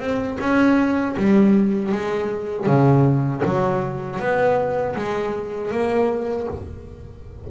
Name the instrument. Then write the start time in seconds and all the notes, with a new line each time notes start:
double bass
0.00 C4
0.40 C#4
1.17 G3
1.92 G#3
2.67 C#3
3.45 F#3
4.19 B3
4.96 G#3
5.71 A#3